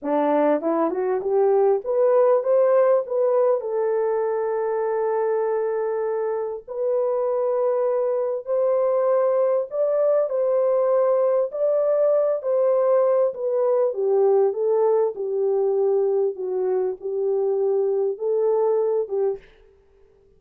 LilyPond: \new Staff \with { instrumentName = "horn" } { \time 4/4 \tempo 4 = 99 d'4 e'8 fis'8 g'4 b'4 | c''4 b'4 a'2~ | a'2. b'4~ | b'2 c''2 |
d''4 c''2 d''4~ | d''8 c''4. b'4 g'4 | a'4 g'2 fis'4 | g'2 a'4. g'8 | }